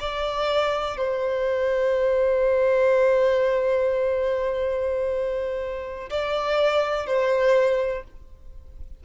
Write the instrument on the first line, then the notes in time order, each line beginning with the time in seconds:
violin
0.00 D5
0.97 C5
6.10 D5
7.06 C5